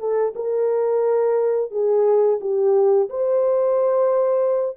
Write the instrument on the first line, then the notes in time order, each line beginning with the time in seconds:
horn
0.00 A4
0.36 A#4
1.71 G#4
2.41 G4
3.10 C5